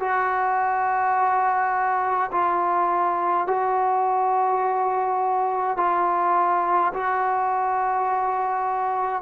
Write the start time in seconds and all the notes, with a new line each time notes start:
0.00 F#4
2.32 F4
3.47 F#4
5.77 F4
6.93 F#4